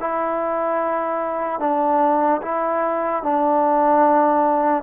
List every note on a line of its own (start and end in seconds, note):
0.00 1.60 E4
1.60 2.41 D4
2.42 3.23 E4
3.23 4.83 D4